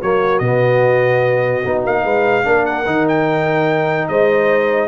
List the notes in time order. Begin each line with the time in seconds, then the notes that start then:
0.00 F#3 A#3 F#4 C#5
0.39 B2 B3 D#5
1.64 B3 D#4
1.84 A#3 F5
2.04 G#3 B4
2.43 A#3 D4 A#4
2.65 F#5
2.86 D#3 D#4
3.08 G5
4.08 G#3 C5 D#5